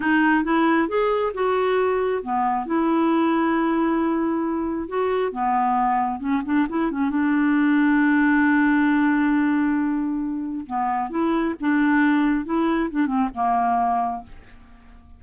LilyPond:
\new Staff \with { instrumentName = "clarinet" } { \time 4/4 \tempo 4 = 135 dis'4 e'4 gis'4 fis'4~ | fis'4 b4 e'2~ | e'2. fis'4 | b2 cis'8 d'8 e'8 cis'8 |
d'1~ | d'1 | b4 e'4 d'2 | e'4 d'8 c'8 ais2 | }